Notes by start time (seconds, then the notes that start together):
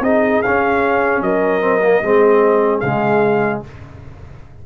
0.00 C4 D#4 G#4 D#5
0.42 C#4 F5
1.21 F#3 A#4 D#5
1.61 C4
1.82 A#3
2.02 G#3 C4 G#4
2.80 C#3 G#3 F5